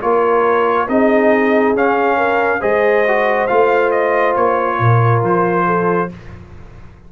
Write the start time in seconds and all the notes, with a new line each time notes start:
0.00 A#3 F4 A#4 C#5
0.88 C4 D#4 G#4 D#5
1.74 C#4 F5
2.17 A#4
2.59 G#3 G#4 C5 D#5
3.07 F#4
3.47 A3 F4 F5
3.90 D#5
4.35 A#3 C#5
4.79 A#2 A#4
5.22 F3 C5
5.66 A4